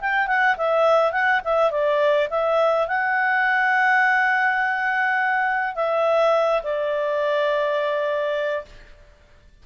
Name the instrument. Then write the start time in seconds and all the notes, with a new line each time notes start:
clarinet
0.00 G5
0.27 F#5
0.57 E5
1.12 F#5
1.44 E5
1.70 D5
2.30 E5
2.87 F#5
5.75 E5
6.63 D5